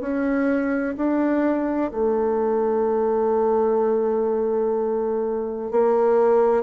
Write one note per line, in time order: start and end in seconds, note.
0.00 0.95 C#4
0.97 1.91 D4
1.91 5.71 A3
5.71 6.63 A#3